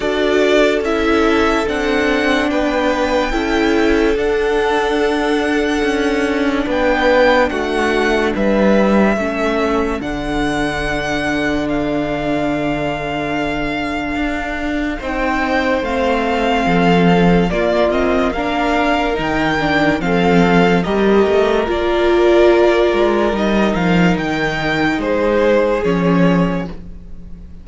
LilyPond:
<<
  \new Staff \with { instrumentName = "violin" } { \time 4/4 \tempo 4 = 72 d''4 e''4 fis''4 g''4~ | g''4 fis''2. | g''4 fis''4 e''2 | fis''2 f''2~ |
f''2 g''4 f''4~ | f''4 d''8 dis''8 f''4 g''4 | f''4 dis''4 d''2 | dis''8 f''8 g''4 c''4 cis''4 | }
  \new Staff \with { instrumentName = "violin" } { \time 4/4 a'2. b'4 | a'1 | b'4 fis'4 b'4 a'4~ | a'1~ |
a'2 c''2 | a'4 f'4 ais'2 | a'4 ais'2.~ | ais'2 gis'2 | }
  \new Staff \with { instrumentName = "viola" } { \time 4/4 fis'4 e'4 d'2 | e'4 d'2.~ | d'2. cis'4 | d'1~ |
d'2 dis'4 c'4~ | c'4 ais8 c'8 d'4 dis'8 d'8 | c'4 g'4 f'2 | dis'2. cis'4 | }
  \new Staff \with { instrumentName = "cello" } { \time 4/4 d'4 cis'4 c'4 b4 | cis'4 d'2 cis'4 | b4 a4 g4 a4 | d1~ |
d4 d'4 c'4 a4 | f4 ais2 dis4 | f4 g8 a8 ais4. gis8 | g8 f8 dis4 gis4 f4 | }
>>